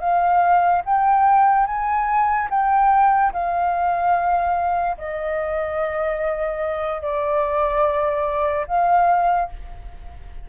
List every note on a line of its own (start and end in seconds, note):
0.00 0.82 F5
0.85 1.66 G5
1.66 2.48 G#5
2.50 3.32 G5
3.33 4.97 F5
4.98 7.02 D#5
7.02 8.66 D5
8.67 9.49 F5